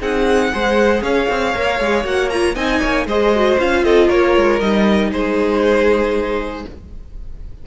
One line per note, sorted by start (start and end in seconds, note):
0.00 0.52 C4
0.00 0.52 D#4
0.00 0.51 G#4
0.00 1.02 F#5
0.52 1.02 G#3
0.52 1.54 G#4
0.52 1.03 C5
1.02 1.27 C#4
1.02 2.55 C#5
1.02 2.05 F5
1.29 1.55 C4
1.55 1.80 A#3
1.55 1.80 A#4
1.80 2.04 G#3
1.80 2.04 G#4
2.04 2.55 A#3
2.04 2.29 F#4
2.04 2.29 F#5
2.29 2.55 F4
2.29 2.55 A#5
2.55 2.81 C4
2.55 3.06 D#4
2.55 2.81 D#5
2.55 3.07 G#5
2.81 3.06 A#3
2.81 3.06 C#5
3.06 3.57 G#3
3.06 3.34 G#4
3.06 3.84 C5
3.06 3.60 D#5
3.35 3.58 F#4
3.58 3.83 C#4
3.58 4.61 F4
3.58 3.84 F5
3.83 4.09 C4
3.83 4.07 A4
3.83 4.09 D#5
4.07 4.36 A#3
4.07 5.10 A#4
4.07 4.60 C#5
4.36 4.60 G#3
4.60 5.11 G3
4.60 6.67 D#4
4.60 5.11 D#5
5.11 6.65 G#3
5.11 6.65 G#4
5.11 6.66 C5